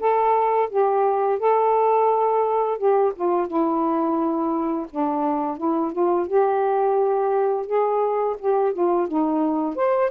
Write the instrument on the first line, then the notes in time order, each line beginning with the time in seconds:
saxophone
0.00 A4
0.70 G4
1.39 A4
2.78 G4
3.16 F4
3.48 E4
4.91 D4
5.58 E4
5.92 F4
6.27 G4
7.66 G#4
8.39 G4
8.73 F4
9.08 D#4
9.76 C5